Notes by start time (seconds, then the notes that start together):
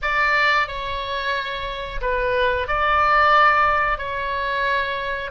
0.02 D5
0.67 C#5
2.01 B4
2.67 D5
3.98 C#5